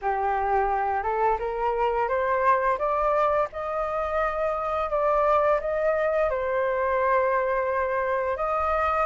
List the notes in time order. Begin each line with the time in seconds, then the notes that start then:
0.01 G4
1.03 A4
1.39 A#4
2.08 C5
2.78 D5
3.52 D#5
4.90 D5
5.60 D#5
6.29 C5
8.37 D#5